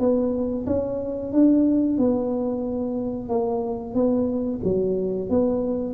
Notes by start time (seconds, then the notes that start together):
0.00 B3
0.67 C#4
1.33 D4
1.98 B3
3.29 A#3
3.94 B3
4.64 F#3
5.30 B3